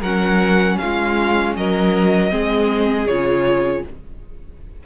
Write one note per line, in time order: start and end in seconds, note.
0.00 0.77 F#3
0.00 2.29 C#4
0.00 0.76 A#4
0.00 0.77 F#5
0.77 1.57 F4
0.77 1.53 F5
0.84 1.56 G#3
1.56 2.31 F#3
1.56 2.31 A#4
1.56 3.07 D#5
2.29 3.07 G#3
2.29 3.05 C4
2.29 3.83 G#4
3.07 3.83 C#3
3.07 3.85 F4
3.07 3.83 C#5